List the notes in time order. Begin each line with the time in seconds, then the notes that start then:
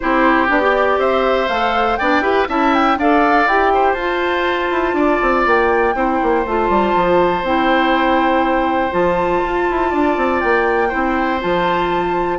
0.00 C4 E4 G4 C5
0.48 B3 D4 D5
0.61 G4
0.98 C4 C5 E5
1.47 A3 A4 F5
1.96 B3 D4 D5 G5
2.21 E4 G4 B4
2.47 C#4 E4 E5 A5
2.74 G5
2.97 D4 A4 D5 F5
3.46 E4 G4 G5
3.73 C5
3.93 F4 A5
4.70 E4
4.93 D4 D5
5.22 C4
5.46 A#3 G5
5.94 C4 E4 C5
6.22 A#3
6.45 A3 F4 A5
6.69 G3
6.95 F3
7.43 C4 E4 G5
8.90 F3 F4 A5
9.43 F4
9.70 E4
9.90 D4 D5
10.17 C4
10.40 A#3 G5
10.89 C4 E4 C5
11.41 F3 F4 A5